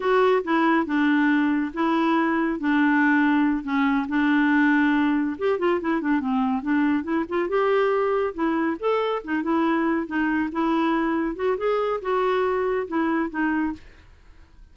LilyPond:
\new Staff \with { instrumentName = "clarinet" } { \time 4/4 \tempo 4 = 140 fis'4 e'4 d'2 | e'2 d'2~ | d'8 cis'4 d'2~ d'8~ | d'8 g'8 f'8 e'8 d'8 c'4 d'8~ |
d'8 e'8 f'8 g'2 e'8~ | e'8 a'4 dis'8 e'4. dis'8~ | dis'8 e'2 fis'8 gis'4 | fis'2 e'4 dis'4 | }